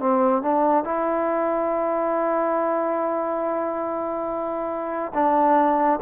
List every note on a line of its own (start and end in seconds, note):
0.00 0.42 C4
0.42 0.84 D4
0.84 5.13 E4
5.14 6.00 D4